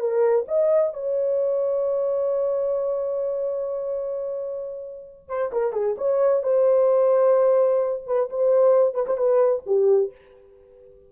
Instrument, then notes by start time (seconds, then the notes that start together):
horn
0.00 A#4
0.48 D#5
0.93 C#5
5.28 C5
5.52 A#4
5.73 G#4
5.98 C#5
6.43 C5
8.07 B4
8.30 C5
8.95 B4
9.07 C5
9.17 B4
9.66 G4